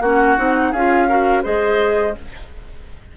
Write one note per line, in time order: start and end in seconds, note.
0.00 0.36 A#3
0.00 0.37 C#4
0.00 0.71 F#4
0.00 0.72 F#5
0.37 0.72 C4
0.37 0.73 D#4
0.71 1.44 C#4
0.71 1.09 F4
0.71 1.07 G#4
0.71 1.43 F5
1.08 1.43 F#4
1.08 1.43 A#4
1.43 2.16 G#3
1.43 2.14 G#4
1.43 2.14 C5
1.43 2.16 D#5